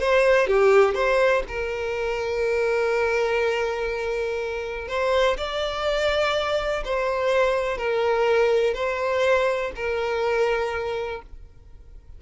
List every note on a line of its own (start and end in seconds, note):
0.00 0.47 C5
0.47 0.94 G4
0.94 1.43 C5
1.48 4.88 A#4
4.88 5.37 C5
5.37 6.84 D5
6.84 7.77 C5
7.77 8.74 A#4
8.74 9.71 C5
9.75 11.22 A#4